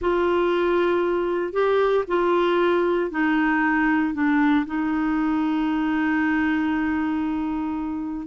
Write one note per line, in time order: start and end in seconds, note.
0.01 1.52 F4
1.52 2.04 G4
2.07 3.10 F4
3.10 4.14 D#4
4.14 4.65 D4
4.66 8.27 D#4